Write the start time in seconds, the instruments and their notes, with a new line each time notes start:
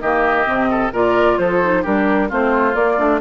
0.00 bassoon D#3, clarinet A#3, oboe G4, flute D#5
0.45 bassoon C3, clarinet C4
0.70 oboe A4
0.92 bassoon A#2, clarinet F4, oboe A#4, flute D5
1.38 bassoon F3, oboe A4, flute C5
1.62 clarinet D#4
1.82 bassoon G3, clarinet D4, oboe G4, flute A#4
2.29 bassoon A3, clarinet C4, oboe F4, flute C5
2.73 clarinet A#3, bassoon A#3, flute D5
2.98 bassoon A3, clarinet D4